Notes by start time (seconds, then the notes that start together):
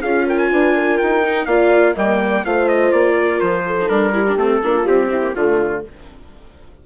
0.00 C#4 F4 G#4 F5
0.26 A#4 G5
0.38 G#5
0.52 D4 B4
0.74 A#4
0.98 D#4 G5
1.23 D#4
1.46 A#3 F4 D5 F5
1.95 G3 A#3 D#5 G5
2.20 D5
2.45 A3 F4 C5 F5
2.68 D#5
2.92 A#3 D5
3.14 A#4
3.40 F3 C5
3.66 A4
3.81 D#4
3.88 G3 D4 A#4
4.13 E4 G4
4.28 D4
4.36 A3 C4 A4
4.63 A#3 D4 F4
4.83 G3 C4 G4
5.09 C4 E4
5.22 A#3
5.34 D3 A3 F4